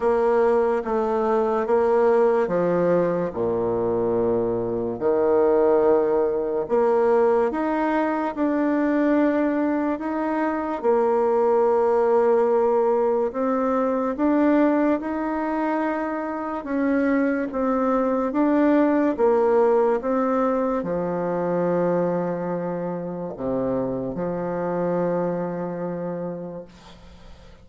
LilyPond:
\new Staff \with { instrumentName = "bassoon" } { \time 4/4 \tempo 4 = 72 ais4 a4 ais4 f4 | ais,2 dis2 | ais4 dis'4 d'2 | dis'4 ais2. |
c'4 d'4 dis'2 | cis'4 c'4 d'4 ais4 | c'4 f2. | c4 f2. | }